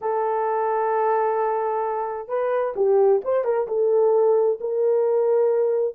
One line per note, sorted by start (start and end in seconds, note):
0.01 2.28 A4
2.28 2.74 B4
2.76 3.21 G4
3.24 3.44 C5
3.44 3.67 A#4
3.67 4.59 A4
4.60 5.95 A#4